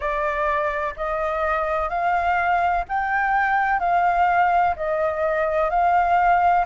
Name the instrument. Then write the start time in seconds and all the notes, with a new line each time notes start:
flute
0.00 D5
0.96 D#5
1.89 F5
2.88 G5
3.79 F5
4.76 D#5
5.70 F5